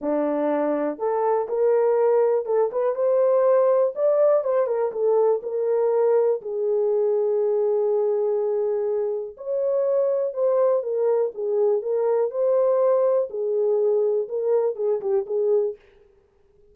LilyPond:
\new Staff \with { instrumentName = "horn" } { \time 4/4 \tempo 4 = 122 d'2 a'4 ais'4~ | ais'4 a'8 b'8 c''2 | d''4 c''8 ais'8 a'4 ais'4~ | ais'4 gis'2.~ |
gis'2. cis''4~ | cis''4 c''4 ais'4 gis'4 | ais'4 c''2 gis'4~ | gis'4 ais'4 gis'8 g'8 gis'4 | }